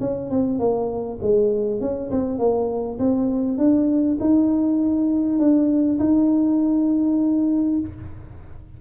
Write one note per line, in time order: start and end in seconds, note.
0.00 0.30 C#4
0.30 0.59 C4
0.59 1.19 A#3
1.22 1.81 G#3
1.81 2.11 C#4
2.11 2.39 C4
2.39 2.99 A#3
2.99 3.58 C4
3.58 4.18 D4
4.20 5.39 D#4
5.39 5.99 D4
5.99 7.79 D#4